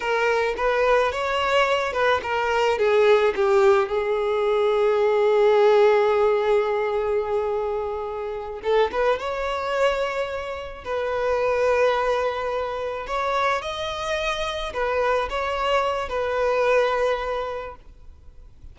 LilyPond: \new Staff \with { instrumentName = "violin" } { \time 4/4 \tempo 4 = 108 ais'4 b'4 cis''4. b'8 | ais'4 gis'4 g'4 gis'4~ | gis'1~ | gis'2.~ gis'8 a'8 |
b'8 cis''2. b'8~ | b'2.~ b'8 cis''8~ | cis''8 dis''2 b'4 cis''8~ | cis''4 b'2. | }